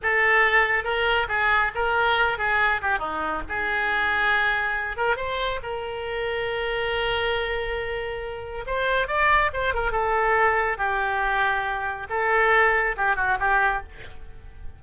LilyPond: \new Staff \with { instrumentName = "oboe" } { \time 4/4 \tempo 4 = 139 a'2 ais'4 gis'4 | ais'4. gis'4 g'8 dis'4 | gis'2.~ gis'8 ais'8 | c''4 ais'2.~ |
ais'1 | c''4 d''4 c''8 ais'8 a'4~ | a'4 g'2. | a'2 g'8 fis'8 g'4 | }